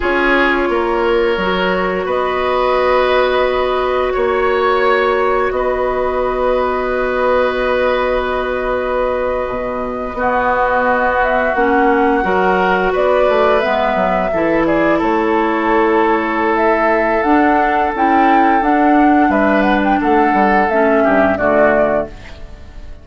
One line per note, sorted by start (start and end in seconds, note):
0.00 0.69 C#4
0.00 1.37 F4
0.00 0.69 G#4
0.00 2.08 C#5
0.69 1.37 A#3
0.69 2.05 A#4
1.37 2.05 F#3
1.37 10.17 F#4
2.05 4.12 B3
2.05 4.12 B4
2.05 4.12 D#5
4.12 5.50 A#3
4.12 5.50 C#5
4.12 5.52 C#5
5.50 9.47 B3
5.50 10.17 B4
5.50 11.19 D#5
9.48 10.13 B2
10.13 11.51 B3
10.13 11.54 B3
10.13 12.24 F#4
11.21 11.54 E5
11.54 12.23 A#3
11.54 12.22 C#4
11.54 12.92 F#5
12.22 12.93 F#3
12.22 13.60 F#4
12.22 12.92 A#4
12.92 13.28 B3
12.92 14.30 B4
12.92 13.59 D5
13.28 13.63 A3
13.59 13.95 G#3
13.59 14.30 B3
13.59 14.63 E5
13.95 14.29 F#3
14.32 15.01 E3
14.32 17.25 E4
14.32 14.66 A4
14.66 14.98 G#4
14.66 15.00 D5
14.98 17.23 A3
14.98 19.29 A4
14.98 16.56 C#5
16.56 17.22 E5
17.22 17.92 D4
17.22 17.94 D4
17.22 17.91 F#5
17.94 18.61 C#4
17.94 18.61 E4
17.94 18.63 G5
18.61 19.28 D4
18.61 20.68 D4
18.61 19.31 F#5
19.28 19.97 G3
19.28 19.99 B4
19.28 19.62 E5
19.62 19.79 F#5
19.83 20.01 G5
20.00 20.33 A3
20.00 21.03 A4
20.00 20.69 F#5
20.33 20.67 G3
20.69 21.03 A3
20.69 21.38 C#4
20.69 21.37 E5
21.03 21.37 G2
21.03 21.38 G4
21.37 22.06 D3
21.37 22.07 A3
21.37 22.07 F#4
21.37 22.06 D5